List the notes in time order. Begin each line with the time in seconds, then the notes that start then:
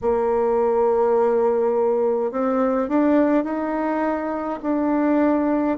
0.01 A#3
2.31 C4
2.88 D4
3.44 D#4
4.62 D4